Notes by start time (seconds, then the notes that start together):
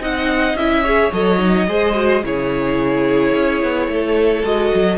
0.00 C4 D#4 D#5 F#5
0.55 C#4 E4 E5
0.83 G#4 C#5
1.12 F#3 A4 D#5
1.38 D#4
1.68 G#3 G#4 C5
1.95 F#4
2.23 C#3 E4 G#4 C#5
3.35 C#4
3.63 B3
3.88 A3 A4
4.43 G#3 F#4 D#5
4.75 F#3